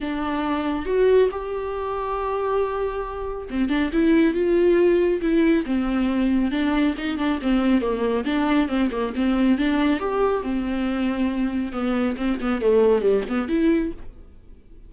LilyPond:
\new Staff \with { instrumentName = "viola" } { \time 4/4 \tempo 4 = 138 d'2 fis'4 g'4~ | g'1 | c'8 d'8 e'4 f'2 | e'4 c'2 d'4 |
dis'8 d'8 c'4 ais4 d'4 | c'8 ais8 c'4 d'4 g'4 | c'2. b4 | c'8 b8 a4 g8 b8 e'4 | }